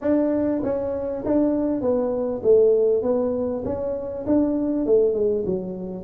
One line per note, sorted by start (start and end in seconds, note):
0.01 0.61 D4
0.63 1.24 C#4
1.25 1.81 D4
1.81 2.41 B3
2.43 3.02 A3
3.02 3.63 B3
3.64 4.25 C#4
4.26 4.85 D4
4.85 5.13 A3
5.13 5.44 G#3
5.45 6.04 F#3